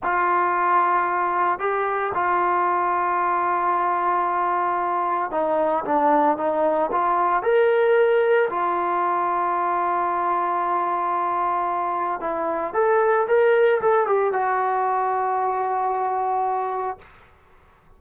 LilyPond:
\new Staff \with { instrumentName = "trombone" } { \time 4/4 \tempo 4 = 113 f'2. g'4 | f'1~ | f'2 dis'4 d'4 | dis'4 f'4 ais'2 |
f'1~ | f'2. e'4 | a'4 ais'4 a'8 g'8 fis'4~ | fis'1 | }